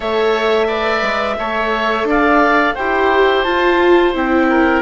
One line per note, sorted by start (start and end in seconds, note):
0.00 1.02 A3
0.00 0.66 A4
0.00 0.67 C#5
0.00 2.07 E5
0.67 1.36 B4
0.67 1.36 D5
1.02 1.36 G#3
1.39 2.04 A3
1.39 2.77 A4
1.39 2.07 C#5
2.04 2.73 D4
2.04 2.74 D5
2.04 2.74 F5
2.74 3.45 E4
2.74 3.45 G4
2.74 4.47 C5
2.74 3.43 G5
3.43 4.14 F4
3.43 4.12 A5
4.14 4.81 C4
4.14 4.81 E4
4.14 4.81 G5
4.49 4.81 A#4